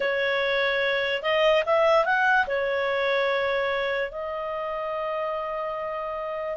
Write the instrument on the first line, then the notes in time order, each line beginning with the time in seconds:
clarinet
0.00 C#5
1.22 D#5
1.65 E5
2.05 F#5
2.47 C#5
4.11 D#5